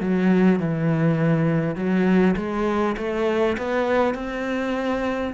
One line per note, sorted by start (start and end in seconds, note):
0.00 0.59 F#3
0.59 1.75 E3
1.75 2.35 F#3
2.36 2.95 G#3
2.97 3.56 A3
3.57 4.14 B3
4.14 5.33 C4